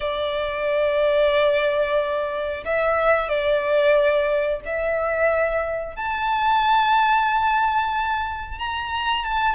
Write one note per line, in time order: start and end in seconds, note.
0.00 2.63 D5
2.65 3.28 E5
3.28 4.60 D5
4.65 5.96 E5
5.96 8.58 A5
8.58 9.24 A#5
9.25 9.55 A5